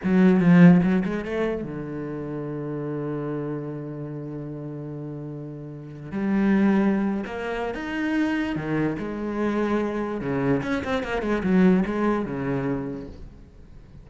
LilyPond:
\new Staff \with { instrumentName = "cello" } { \time 4/4 \tempo 4 = 147 fis4 f4 fis8 gis8 a4 | d1~ | d1~ | d2. g4~ |
g4.~ g16 ais4~ ais16 dis'4~ | dis'4 dis4 gis2~ | gis4 cis4 cis'8 c'8 ais8 gis8 | fis4 gis4 cis2 | }